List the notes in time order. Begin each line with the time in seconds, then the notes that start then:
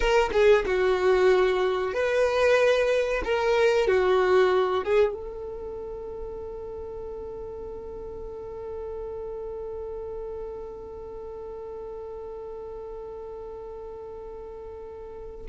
0.00 A#4
0.32 G#4
0.65 F#4
1.93 B4
3.24 A#4
3.87 F#4
4.84 G#4
5.13 A4